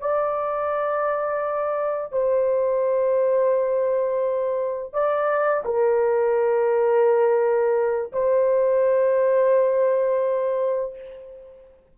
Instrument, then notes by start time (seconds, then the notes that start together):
horn
0.00 D5
2.12 C5
4.93 D5
5.65 A#4
8.12 C5